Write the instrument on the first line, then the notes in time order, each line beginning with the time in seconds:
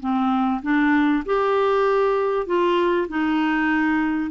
clarinet
0.00 C4
0.62 D4
1.26 G4
2.46 F4
3.08 D#4